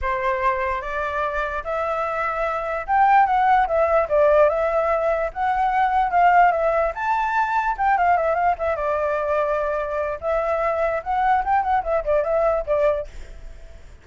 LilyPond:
\new Staff \with { instrumentName = "flute" } { \time 4/4 \tempo 4 = 147 c''2 d''2 | e''2. g''4 | fis''4 e''4 d''4 e''4~ | e''4 fis''2 f''4 |
e''4 a''2 g''8 f''8 | e''8 f''8 e''8 d''2~ d''8~ | d''4 e''2 fis''4 | g''8 fis''8 e''8 d''8 e''4 d''4 | }